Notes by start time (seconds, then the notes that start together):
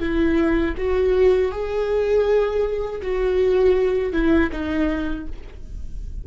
0.00 E4
0.78 F#4
1.52 G#4
3.02 F#4
4.13 E4
4.52 D#4